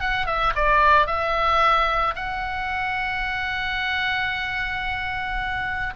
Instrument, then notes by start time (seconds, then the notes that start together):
oboe
0.00 F#5
0.26 E5
0.55 D5
1.06 E5
2.15 F#5